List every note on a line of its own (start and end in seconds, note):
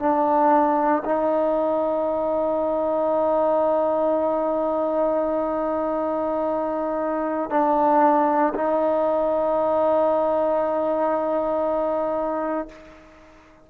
0.00 1.03 D4
1.05 7.50 D#4
7.50 8.54 D4
8.55 12.69 D#4